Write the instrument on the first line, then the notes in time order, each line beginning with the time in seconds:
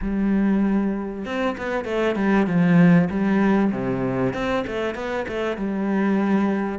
cello
0.01 G3
1.25 C4
1.57 B3
1.84 A3
2.15 G3
2.46 F3
3.09 G3
3.71 C3
4.33 C4
4.67 A3
4.95 B3
5.28 A3
5.56 G3